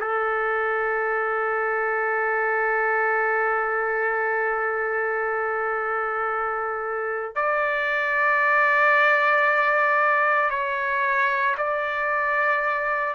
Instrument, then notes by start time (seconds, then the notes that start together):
trumpet
0.00 A4
7.35 D5
10.50 C#5
11.57 D5